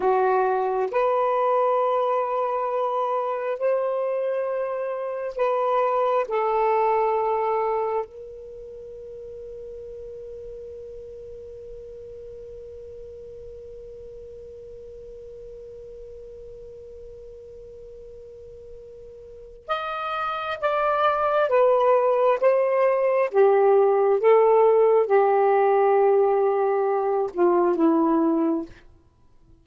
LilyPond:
\new Staff \with { instrumentName = "saxophone" } { \time 4/4 \tempo 4 = 67 fis'4 b'2. | c''2 b'4 a'4~ | a'4 ais'2.~ | ais'1~ |
ais'1~ | ais'2 dis''4 d''4 | b'4 c''4 g'4 a'4 | g'2~ g'8 f'8 e'4 | }